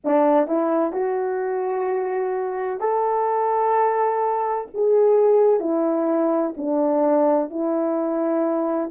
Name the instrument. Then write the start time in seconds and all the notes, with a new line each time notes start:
horn
0.04 D4
0.47 E4
0.92 F#4
2.80 A4
4.73 G#4
5.60 E4
6.56 D4
7.50 E4